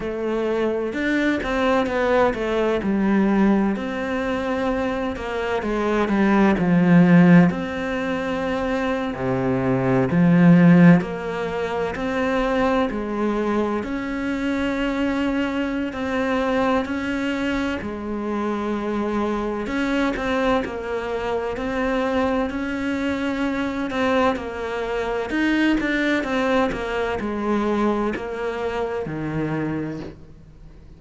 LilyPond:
\new Staff \with { instrumentName = "cello" } { \time 4/4 \tempo 4 = 64 a4 d'8 c'8 b8 a8 g4 | c'4. ais8 gis8 g8 f4 | c'4.~ c'16 c4 f4 ais16~ | ais8. c'4 gis4 cis'4~ cis'16~ |
cis'4 c'4 cis'4 gis4~ | gis4 cis'8 c'8 ais4 c'4 | cis'4. c'8 ais4 dis'8 d'8 | c'8 ais8 gis4 ais4 dis4 | }